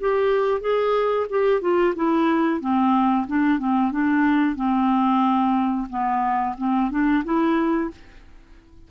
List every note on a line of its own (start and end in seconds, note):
0.00 0.61 G4
0.61 1.27 G#4
1.30 1.61 G4
1.61 1.94 F4
1.96 2.60 E4
2.60 3.26 C4
3.27 3.59 D4
3.59 3.91 C4
3.91 4.56 D4
4.56 5.87 C4
5.90 6.56 B3
6.58 6.91 C4
6.91 7.24 D4
7.24 7.90 E4